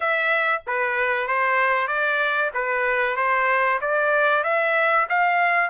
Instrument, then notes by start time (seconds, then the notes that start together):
trumpet
0.00 E5
0.66 B4
1.27 C5
1.87 D5
2.54 B4
3.16 C5
3.81 D5
4.43 E5
5.09 F5